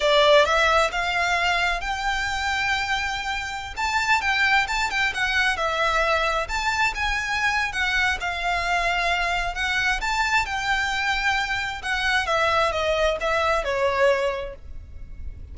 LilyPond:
\new Staff \with { instrumentName = "violin" } { \time 4/4 \tempo 4 = 132 d''4 e''4 f''2 | g''1~ | g''16 a''4 g''4 a''8 g''8 fis''8.~ | fis''16 e''2 a''4 gis''8.~ |
gis''4 fis''4 f''2~ | f''4 fis''4 a''4 g''4~ | g''2 fis''4 e''4 | dis''4 e''4 cis''2 | }